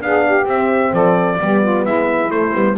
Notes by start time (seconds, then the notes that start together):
0.00 B3 D4 G#4 F5
0.26 G4
0.45 C4 E5
0.92 F3 A4 D5
1.40 G3 B3 G4
1.62 F4
1.85 G#3 E4 E5
2.30 A3 C5
2.53 G3 B3